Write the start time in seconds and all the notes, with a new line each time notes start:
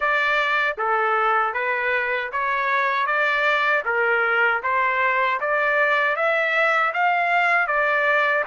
0.00 D5
0.77 A4
1.53 B4
2.31 C#5
3.06 D5
3.85 A#4
4.63 C5
5.40 D5
6.15 E5
6.93 F5
7.67 D5